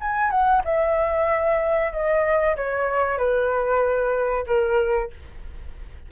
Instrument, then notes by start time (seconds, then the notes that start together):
flute
0.00 G#5
0.30 F#5
0.64 E5
1.92 D#5
2.56 C#5
3.18 B4
4.47 A#4